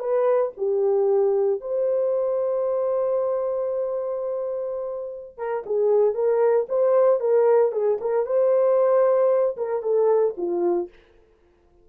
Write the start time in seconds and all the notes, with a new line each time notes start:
0.00 B4
0.57 G4
1.61 C5
5.38 A#4
5.66 G#4
6.15 A#4
6.69 C5
7.20 A#4
7.72 G#4
8.01 A#4
8.26 C5
9.57 A#4
9.83 A4
10.37 F4